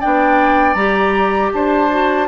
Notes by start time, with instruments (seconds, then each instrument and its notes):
0.00 bassoon B3, clarinet D4, oboe D5, flute G5
0.73 bassoon G3, clarinet G4, flute A#5
1.53 bassoon D4, oboe C5, flute A5
1.90 clarinet F#4